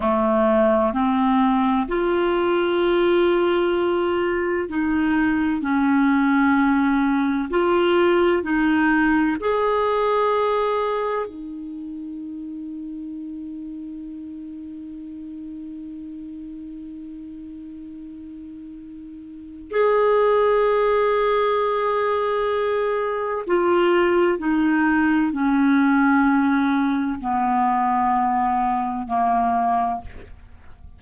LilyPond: \new Staff \with { instrumentName = "clarinet" } { \time 4/4 \tempo 4 = 64 a4 c'4 f'2~ | f'4 dis'4 cis'2 | f'4 dis'4 gis'2 | dis'1~ |
dis'1~ | dis'4 gis'2.~ | gis'4 f'4 dis'4 cis'4~ | cis'4 b2 ais4 | }